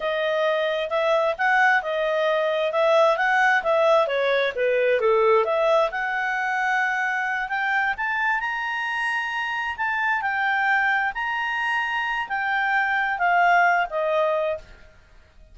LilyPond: \new Staff \with { instrumentName = "clarinet" } { \time 4/4 \tempo 4 = 132 dis''2 e''4 fis''4 | dis''2 e''4 fis''4 | e''4 cis''4 b'4 a'4 | e''4 fis''2.~ |
fis''8 g''4 a''4 ais''4.~ | ais''4. a''4 g''4.~ | g''8 ais''2~ ais''8 g''4~ | g''4 f''4. dis''4. | }